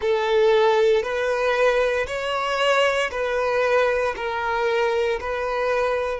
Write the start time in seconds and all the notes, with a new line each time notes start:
0.01 A4
1.03 B4
2.06 C#5
3.11 B4
4.16 A#4
5.20 B4